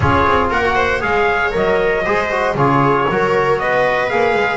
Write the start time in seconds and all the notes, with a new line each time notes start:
0.00 C#4 F4 G#4 C#5
0.26 C4
0.50 A#3 A#4 F#5
0.64 F#4
0.75 C5
1.00 G#3 G#4 C#5 F5
1.51 F#3 A#4 D#5
2.04 G#3 G#4 C5
2.30 F#4
2.54 C#3 F4 G#4 C#5
3.09 F#3 F#4 A#4
3.59 B3 B4 D#5
4.09 A#3 G#4 F5
4.34 G#3